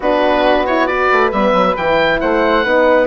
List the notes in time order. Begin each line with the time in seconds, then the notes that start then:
0.00 B3 D4 F#4 B4
0.66 E4 C#5
0.86 F#4 B4 D5
1.12 A3
1.32 G3 B3 E5
1.53 F#3
1.76 E3 E4 G5
2.20 A3 C5 F#5
2.64 B3 D#4 B4